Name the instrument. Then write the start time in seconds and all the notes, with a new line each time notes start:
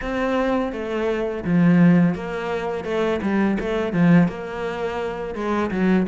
cello
0.01 C4
0.72 A3
1.44 F3
2.14 A#3
2.84 A3
3.21 G3
3.59 A3
3.92 F3
4.28 A#3
5.34 G#3
5.70 F#3